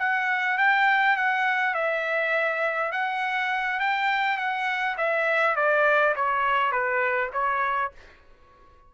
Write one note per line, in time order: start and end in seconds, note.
0.00 0.58 F#5
0.58 1.17 G5
1.17 1.75 F#5
1.75 2.92 E5
2.92 3.80 F#5
3.80 4.38 G5
4.38 4.97 F#5
4.98 5.56 E5
5.56 6.15 D5
6.16 6.72 C#5
6.72 7.31 B4
7.33 7.92 C#5